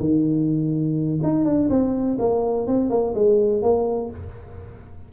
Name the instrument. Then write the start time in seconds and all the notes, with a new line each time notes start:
tuba
0.00 D#3
1.23 D#4
1.45 D4
1.70 C4
2.19 A#3
2.67 C4
2.90 A#3
3.14 G#3
3.62 A#3